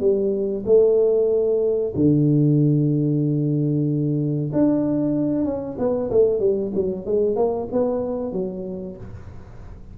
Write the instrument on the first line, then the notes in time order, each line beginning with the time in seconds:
tuba
0.00 G3
0.65 A3
1.95 D3
4.53 D4
5.45 C#4
5.78 B3
6.10 A3
6.39 G3
6.75 F#3
7.05 G#3
7.36 A#3
7.72 B3
8.32 F#3